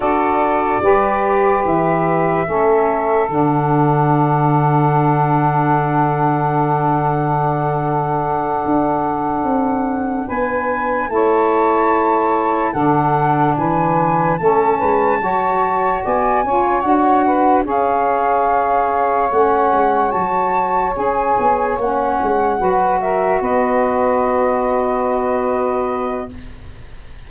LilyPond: <<
  \new Staff \with { instrumentName = "flute" } { \time 4/4 \tempo 4 = 73 d''2 e''2 | fis''1~ | fis''1~ | fis''8 gis''4 a''2 fis''8~ |
fis''8 gis''4 a''2 gis''8~ | gis''8 fis''4 f''2 fis''8~ | fis''8 a''4 gis''4 fis''4. | e''8 dis''2.~ dis''8 | }
  \new Staff \with { instrumentName = "saxophone" } { \time 4/4 a'4 b'2 a'4~ | a'1~ | a'1~ | a'8 b'4 cis''2 a'8~ |
a'8 b'4 a'8 b'8 cis''4 d''8 | cis''4 b'8 cis''2~ cis''8~ | cis''2.~ cis''8 b'8 | ais'8 b'2.~ b'8 | }
  \new Staff \with { instrumentName = "saxophone" } { \time 4/4 fis'4 g'2 cis'4 | d'1~ | d'1~ | d'4. e'2 d'8~ |
d'4. cis'4 fis'4. | f'8 fis'4 gis'2 cis'8~ | cis'8 fis'4 gis'4 cis'4 fis'8~ | fis'1 | }
  \new Staff \with { instrumentName = "tuba" } { \time 4/4 d'4 g4 e4 a4 | d1~ | d2~ d8 d'4 c'8~ | c'8 b4 a2 d8~ |
d8 e4 a8 gis8 fis4 b8 | cis'8 d'4 cis'2 a8 | gis8 fis4 cis'8 b8 ais8 gis8 fis8~ | fis8 b2.~ b8 | }
>>